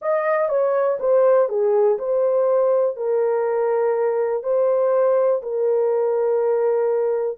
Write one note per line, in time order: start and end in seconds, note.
0.01 0.48 D#5
0.48 0.97 C#5
0.99 1.48 C5
1.49 1.98 G#4
1.98 2.96 C5
2.96 4.43 A#4
4.43 5.41 C5
5.42 7.38 A#4